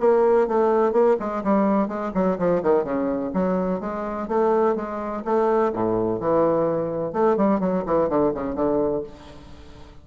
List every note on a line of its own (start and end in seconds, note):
0.00 0.48 A#3
0.48 0.92 A3
0.92 1.16 A#3
1.19 1.43 G#3
1.44 1.88 G3
1.88 2.12 G#3
2.14 2.38 F#3
2.38 2.62 F3
2.63 2.84 D#3
2.84 3.31 C#3
3.34 3.80 F#3
3.80 4.28 G#3
4.28 4.76 A3
4.76 5.23 G#3
5.24 5.72 A3
5.73 6.20 A2
6.20 7.13 E3
7.13 7.37 A3
7.37 7.60 G3
7.60 7.84 F#3
7.86 8.09 E3
8.09 8.33 D3
8.34 8.55 C#3
8.55 9.03 D3